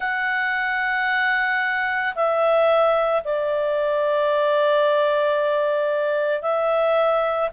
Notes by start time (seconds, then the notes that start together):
0.00 F#5
2.15 E5
3.24 D5
6.41 E5